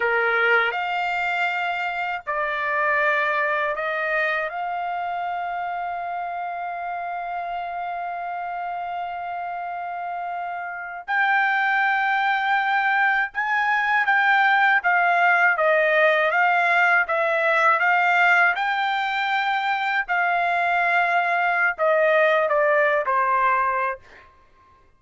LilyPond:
\new Staff \with { instrumentName = "trumpet" } { \time 4/4 \tempo 4 = 80 ais'4 f''2 d''4~ | d''4 dis''4 f''2~ | f''1~ | f''2~ f''8. g''4~ g''16~ |
g''4.~ g''16 gis''4 g''4 f''16~ | f''8. dis''4 f''4 e''4 f''16~ | f''8. g''2 f''4~ f''16~ | f''4 dis''4 d''8. c''4~ c''16 | }